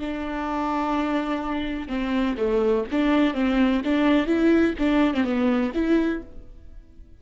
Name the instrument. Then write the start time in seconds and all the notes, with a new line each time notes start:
viola
0.00 D4
1.88 C4
2.37 A3
2.91 D4
3.34 C4
3.84 D4
4.27 E4
4.79 D4
5.14 C4
5.24 B3
5.75 E4